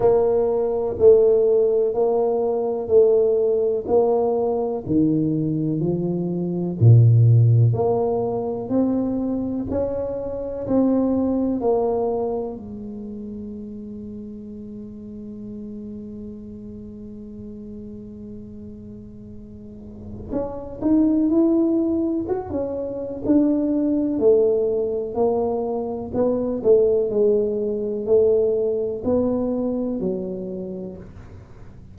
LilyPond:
\new Staff \with { instrumentName = "tuba" } { \time 4/4 \tempo 4 = 62 ais4 a4 ais4 a4 | ais4 dis4 f4 ais,4 | ais4 c'4 cis'4 c'4 | ais4 gis2.~ |
gis1~ | gis4 cis'8 dis'8 e'4 fis'16 cis'8. | d'4 a4 ais4 b8 a8 | gis4 a4 b4 fis4 | }